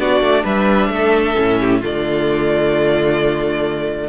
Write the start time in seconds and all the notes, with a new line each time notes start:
0.00 B3 D4 F#4 D5
0.21 A3
0.44 G3 B4 E5
0.90 A3 A4
1.36 A2 C#4
1.60 G4
1.80 D3 A3 F4 D5